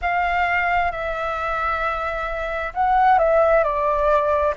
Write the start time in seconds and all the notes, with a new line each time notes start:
0.01 F5
0.91 E5
2.74 F#5
3.18 E5
3.63 D5